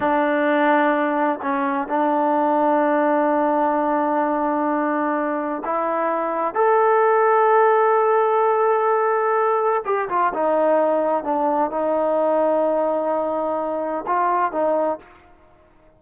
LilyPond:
\new Staff \with { instrumentName = "trombone" } { \time 4/4 \tempo 4 = 128 d'2. cis'4 | d'1~ | d'1 | e'2 a'2~ |
a'1~ | a'4 g'8 f'8 dis'2 | d'4 dis'2.~ | dis'2 f'4 dis'4 | }